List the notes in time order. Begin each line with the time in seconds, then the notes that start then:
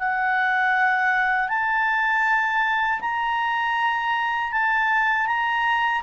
0.00 F#5
1.49 A5
3.01 A#5
4.53 A5
5.27 A#5